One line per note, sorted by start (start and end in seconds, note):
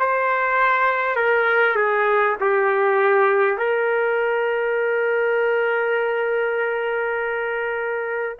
0.00 1.16 C5
1.16 1.76 A#4
1.76 2.36 G#4
2.41 3.58 G4
3.58 8.38 A#4